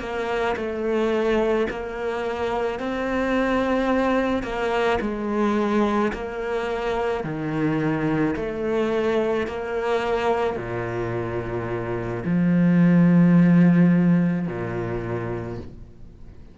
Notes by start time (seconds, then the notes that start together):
0.00 A#3
0.56 A3
1.70 A#3
2.79 C4
4.43 A#3
5.02 G#3
6.13 A#3
7.24 D#3
8.36 A3
9.47 A#3
10.57 A#2
12.25 F3
14.47 A#2